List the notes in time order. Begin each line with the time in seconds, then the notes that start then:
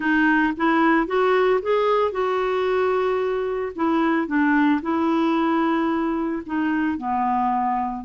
0.00 D#4
0.56 E4
1.06 F#4
1.62 G#4
2.11 F#4
3.75 E4
4.27 D4
4.81 E4
6.46 D#4
6.97 B3